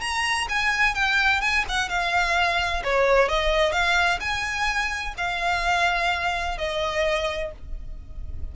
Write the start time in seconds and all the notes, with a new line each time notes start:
0.00 A#5
0.49 G#5
0.94 G5
1.41 G#5
1.69 F#5
1.89 F5
2.84 C#5
3.28 D#5
3.72 F5
4.20 G#5
5.17 F5
6.58 D#5